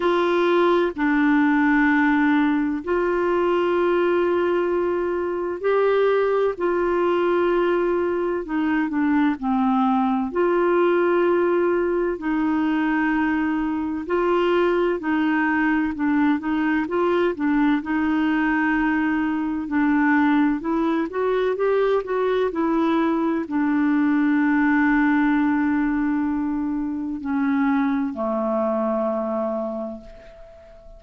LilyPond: \new Staff \with { instrumentName = "clarinet" } { \time 4/4 \tempo 4 = 64 f'4 d'2 f'4~ | f'2 g'4 f'4~ | f'4 dis'8 d'8 c'4 f'4~ | f'4 dis'2 f'4 |
dis'4 d'8 dis'8 f'8 d'8 dis'4~ | dis'4 d'4 e'8 fis'8 g'8 fis'8 | e'4 d'2.~ | d'4 cis'4 a2 | }